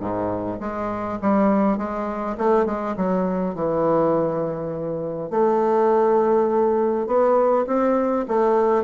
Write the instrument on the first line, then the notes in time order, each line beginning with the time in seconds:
bassoon
0.00 G#2
0.60 G#3
1.22 G3
1.77 G#3
2.37 A3
2.66 G#3
2.97 F#3
3.55 E3
5.30 A3
7.07 B3
7.67 C4
8.28 A3